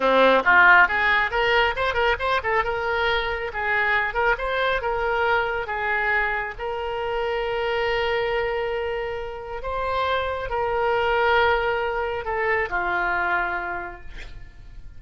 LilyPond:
\new Staff \with { instrumentName = "oboe" } { \time 4/4 \tempo 4 = 137 c'4 f'4 gis'4 ais'4 | c''8 ais'8 c''8 a'8 ais'2 | gis'4. ais'8 c''4 ais'4~ | ais'4 gis'2 ais'4~ |
ais'1~ | ais'2 c''2 | ais'1 | a'4 f'2. | }